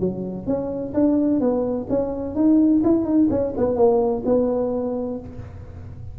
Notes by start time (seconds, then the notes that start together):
0.00 F#3
0.47 C#4
0.94 D4
1.40 B3
1.90 C#4
2.35 D#4
2.84 E4
3.05 D#4
3.31 C#4
3.57 B3
3.76 A#3
4.26 B3